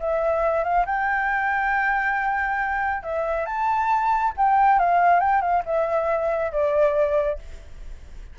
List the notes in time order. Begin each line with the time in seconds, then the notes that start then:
0.00 E5
0.64 F5
0.86 G5
3.03 E5
3.46 A5
4.37 G5
4.79 F5
5.20 G5
5.42 F5
5.66 E5
6.52 D5